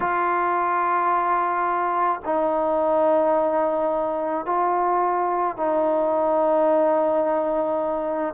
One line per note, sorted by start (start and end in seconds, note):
0.00 2.20 F4
2.24 4.45 D#4
4.45 5.56 F4
5.56 8.34 D#4